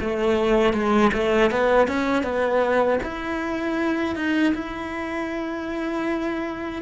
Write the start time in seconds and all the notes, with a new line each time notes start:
0.00 A3
0.73 G#3
1.13 A3
1.51 B3
1.87 C#4
2.23 B3
3.03 E4
4.15 D#4
4.54 E4